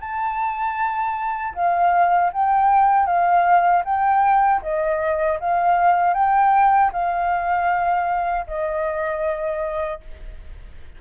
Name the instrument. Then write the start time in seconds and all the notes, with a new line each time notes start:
flute
0.00 A5
1.54 F5
2.32 G5
3.06 F5
3.84 G5
4.62 D#5
5.40 F5
6.14 G5
6.92 F5
8.47 D#5